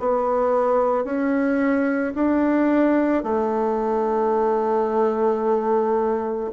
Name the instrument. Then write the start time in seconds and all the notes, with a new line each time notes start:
bassoon
0.00 B3
1.05 C#4
2.15 D4
3.24 A3